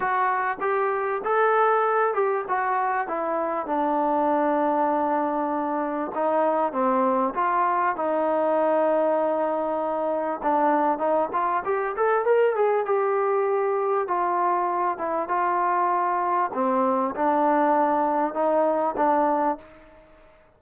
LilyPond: \new Staff \with { instrumentName = "trombone" } { \time 4/4 \tempo 4 = 98 fis'4 g'4 a'4. g'8 | fis'4 e'4 d'2~ | d'2 dis'4 c'4 | f'4 dis'2.~ |
dis'4 d'4 dis'8 f'8 g'8 a'8 | ais'8 gis'8 g'2 f'4~ | f'8 e'8 f'2 c'4 | d'2 dis'4 d'4 | }